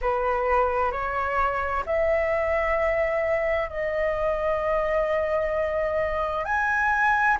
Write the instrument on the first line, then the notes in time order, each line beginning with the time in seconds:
flute
0.01 B4
0.91 C#5
1.85 E5
3.69 D#5
6.44 G#5